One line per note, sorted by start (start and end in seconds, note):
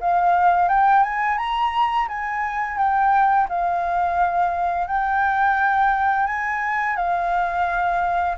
0.00 0.68 F5
0.68 1.03 G5
1.03 1.38 G#5
1.38 2.07 A#5
2.08 2.77 G#5
2.77 3.47 G5
3.49 4.87 F5
4.87 6.26 G5
6.26 6.96 G#5
6.96 8.36 F5